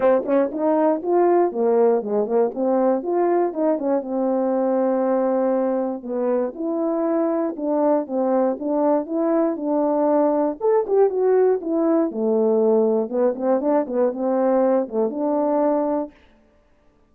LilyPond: \new Staff \with { instrumentName = "horn" } { \time 4/4 \tempo 4 = 119 c'8 cis'8 dis'4 f'4 ais4 | gis8 ais8 c'4 f'4 dis'8 cis'8 | c'1 | b4 e'2 d'4 |
c'4 d'4 e'4 d'4~ | d'4 a'8 g'8 fis'4 e'4 | a2 b8 c'8 d'8 b8 | c'4. a8 d'2 | }